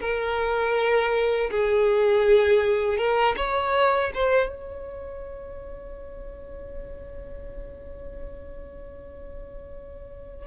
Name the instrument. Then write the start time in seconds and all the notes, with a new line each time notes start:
violin
0.00 A#4
1.50 G#4
2.97 A#4
3.36 C#5
4.14 C5
4.49 C#5